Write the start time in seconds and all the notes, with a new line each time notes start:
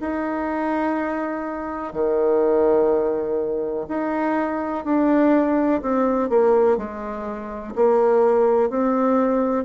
0.00 D#4
1.93 D#3
3.88 D#4
4.84 D4
5.82 C4
6.29 A#3
6.77 G#3
7.76 A#3
8.70 C4